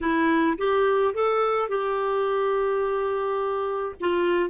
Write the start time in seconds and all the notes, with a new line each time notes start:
0.01 E4
0.58 G4
1.13 A4
1.68 G4
4.00 F4